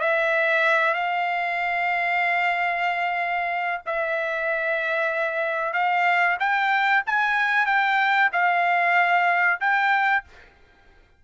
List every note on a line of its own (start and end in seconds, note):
0.00 0.94 E5
0.94 3.81 F5
3.86 5.73 E5
5.73 6.37 F5
6.39 7.03 G5
7.06 7.66 G#5
7.66 8.30 G5
8.32 9.60 F5
9.60 10.24 G5